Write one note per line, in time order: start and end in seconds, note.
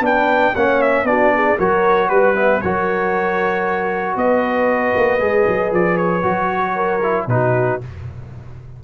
0.00 0.52 B3
0.00 0.54 D4
0.00 0.54 B4
0.00 0.56 G5
0.54 1.04 A#3
0.54 1.06 C#4
0.54 1.06 C#5
0.54 0.82 F#5
0.82 1.06 E5
1.04 1.56 B3
1.04 1.58 D4
1.04 1.35 F#4
1.04 1.58 D5
1.35 1.58 G#4
1.58 2.10 F#3
1.58 2.35 F#4
1.58 2.09 A#4
1.58 2.09 C#5
2.09 2.61 G3
2.09 2.35 B4
2.09 2.61 B4
2.35 2.61 B3
2.35 2.62 E5
2.62 4.16 F#3
2.62 5.20 F#4
2.62 4.18 A#4
2.62 4.17 C#5
4.16 4.94 B3
4.16 6.75 B4
4.16 5.73 D#5
4.96 5.20 A#3
5.20 5.46 G#3
5.20 6.23 G#4
5.47 5.72 F#3
5.72 6.23 F3
5.72 5.97 D5
5.97 7.27 C#5
6.23 7.27 F#3
6.23 7.00 F#4
6.75 7.27 A#4
7.03 7.29 E4
7.27 7.79 B2
7.27 7.81 D#4
7.27 7.84 F#4
7.27 7.81 B4